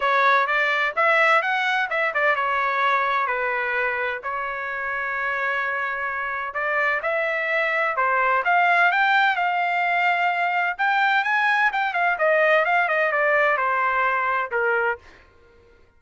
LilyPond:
\new Staff \with { instrumentName = "trumpet" } { \time 4/4 \tempo 4 = 128 cis''4 d''4 e''4 fis''4 | e''8 d''8 cis''2 b'4~ | b'4 cis''2.~ | cis''2 d''4 e''4~ |
e''4 c''4 f''4 g''4 | f''2. g''4 | gis''4 g''8 f''8 dis''4 f''8 dis''8 | d''4 c''2 ais'4 | }